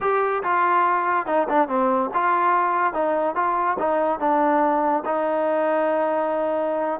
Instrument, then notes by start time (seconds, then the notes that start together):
trombone
0.00 G4
0.43 F4
1.26 D#4
1.48 D4
1.68 C4
2.14 F4
2.93 D#4
3.35 F4
3.78 D#4
4.19 D4
5.05 D#4